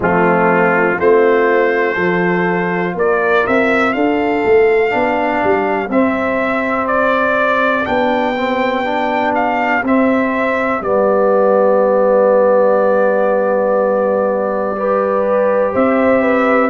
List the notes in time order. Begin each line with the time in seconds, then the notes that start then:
0.00 F3 A3 C4 F4
0.97 A3 C4 F4 C5
1.93 F3 F4 A4
2.94 A#3 A#4 D5
3.47 C4 E5
3.93 D4 A4 F5
4.45 A3
4.90 B3 D4 G4
5.43 G3
5.89 C4 E5
6.87 D5
7.84 B3 D4 G5
8.37 C4
8.84 D4
9.34 F5
9.83 C4 E5
10.81 G3 B3 D5
14.76 G4 B4
15.72 C4 C5 E5
16.22 B4